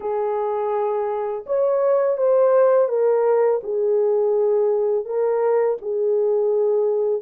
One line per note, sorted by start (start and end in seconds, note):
0.00 1.45 G#4
1.46 2.17 C#5
2.17 2.88 C5
2.88 3.60 A#4
3.63 5.05 G#4
5.05 5.77 A#4
5.81 7.22 G#4